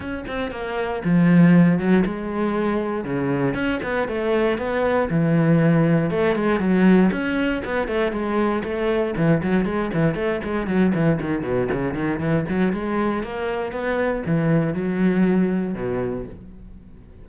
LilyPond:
\new Staff \with { instrumentName = "cello" } { \time 4/4 \tempo 4 = 118 cis'8 c'8 ais4 f4. fis8 | gis2 cis4 cis'8 b8 | a4 b4 e2 | a8 gis8 fis4 cis'4 b8 a8 |
gis4 a4 e8 fis8 gis8 e8 | a8 gis8 fis8 e8 dis8 b,8 cis8 dis8 | e8 fis8 gis4 ais4 b4 | e4 fis2 b,4 | }